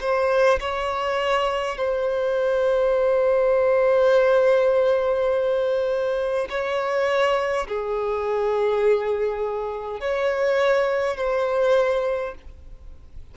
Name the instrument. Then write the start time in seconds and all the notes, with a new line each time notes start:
violin
0.00 C5
0.59 C#5
1.77 C5
6.49 C#5
7.67 G#4
10.00 C#5
11.17 C5